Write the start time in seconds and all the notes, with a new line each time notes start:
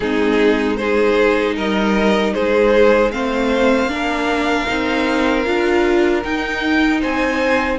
0.00 G#3 C4 D#4 G#4
0.76 D#4 G#4 C5
1.55 G3 A#4 D#5
2.33 G#3 G#4 C5
3.11 A3 C4 C5 F5
3.85 A#3 D4
3.92 A#4
4.66 C4 D#4
5.45 D4 F4
6.23 D#4 G5
7.00 C4 C5 G#5